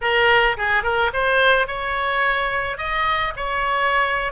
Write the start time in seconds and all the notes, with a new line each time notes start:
0.01 A#4
0.57 G#4
0.83 A#4
1.13 C5
1.67 C#5
2.77 D#5
3.36 C#5